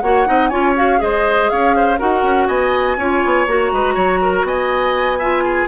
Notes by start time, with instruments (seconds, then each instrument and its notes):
0.00 bassoon A#3, clarinet F#4, oboe C#5, flute F#5
0.26 bassoon C4, clarinet D#4, oboe D#5
0.48 bassoon C#4, clarinet F4, oboe C#5, flute G#5
0.75 clarinet F#4, flute F5
0.98 bassoon G#3, clarinet G#4, oboe C5, flute D#5
1.49 bassoon C#4, oboe C#5, flute F5
1.75 oboe C5
1.98 bassoon D#4, clarinet F#4, oboe A#4, flute F#5
2.22 bassoon C#4
2.47 bassoon B3, oboe D#5, flute G#5
2.96 bassoon C#4, clarinet F4, oboe C#5
3.25 bassoon B3
3.46 bassoon A#3, clarinet F#4, flute A#5
3.72 bassoon G#3, oboe B4
3.94 bassoon F#3, oboe C#5
4.21 oboe A#4
4.43 bassoon B3, oboe D#5, flute G#5
5.18 clarinet F4, oboe E5
5.44 oboe G#4